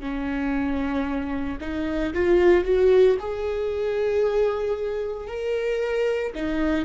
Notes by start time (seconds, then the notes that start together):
0.00 C#4
1.60 D#4
2.14 F4
2.65 F#4
3.19 G#4
5.27 A#4
6.35 D#4